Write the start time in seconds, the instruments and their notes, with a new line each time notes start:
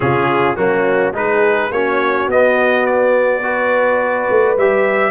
0.00 tuba C#3, trombone C#4, horn F4, trumpet G#4
0.55 tuba F#3, trombone A#3, horn C#4, trumpet F#4
1.13 tuba G#3, trombone D#4, horn G#4, trumpet B4
1.71 tuba A#3, trombone C#4, horn F#4, trumpet C#5
2.27 tuba B3, trombone B3, trumpet D#5
2.86 trumpet D5
3.42 trombone F#4, horn B4
4.30 tuba A3
4.57 tuba G3, trombone G4, trumpet E5